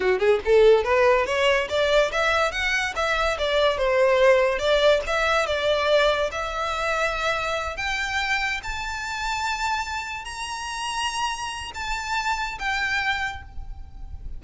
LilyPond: \new Staff \with { instrumentName = "violin" } { \time 4/4 \tempo 4 = 143 fis'8 gis'8 a'4 b'4 cis''4 | d''4 e''4 fis''4 e''4 | d''4 c''2 d''4 | e''4 d''2 e''4~ |
e''2~ e''8 g''4.~ | g''8 a''2.~ a''8~ | a''8 ais''2.~ ais''8 | a''2 g''2 | }